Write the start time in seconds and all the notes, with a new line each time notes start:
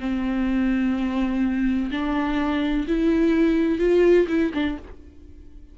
0.00 C4
1.91 D4
2.88 E4
3.79 F4
4.28 E4
4.54 D4